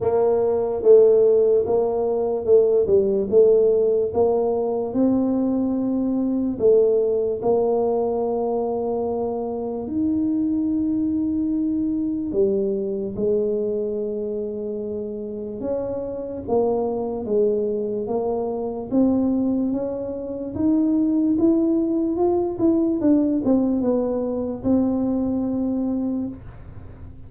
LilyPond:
\new Staff \with { instrumentName = "tuba" } { \time 4/4 \tempo 4 = 73 ais4 a4 ais4 a8 g8 | a4 ais4 c'2 | a4 ais2. | dis'2. g4 |
gis2. cis'4 | ais4 gis4 ais4 c'4 | cis'4 dis'4 e'4 f'8 e'8 | d'8 c'8 b4 c'2 | }